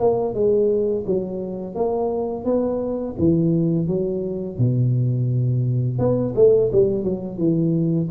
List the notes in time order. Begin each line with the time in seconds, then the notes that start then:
0.00 A#3
0.34 G#3
1.06 F#3
1.75 A#3
2.45 B3
3.19 E3
3.88 F#3
4.58 B2
5.98 B3
6.36 A3
6.72 G3
7.04 F#3
7.38 E3